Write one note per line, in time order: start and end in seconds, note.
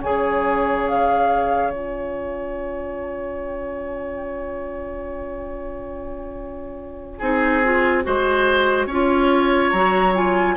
0.00 1.71 C#3
0.00 1.72 G#4
0.00 7.18 C#5
0.00 0.88 G#5
0.88 1.71 F5
1.71 7.21 C#4
1.71 7.21 F4
1.71 9.71 G#5
7.18 8.05 C4
7.18 7.63 D#4
7.18 8.03 G#4
7.64 8.04 F4
8.04 8.86 G#3
8.04 8.88 F#4
8.04 8.87 C5
8.86 9.71 C#4
8.86 9.75 F4
8.86 10.56 C#5
9.71 10.57 F#3
9.71 10.15 F#4
9.71 10.13 A#5
10.15 10.57 F4
10.15 10.57 G#5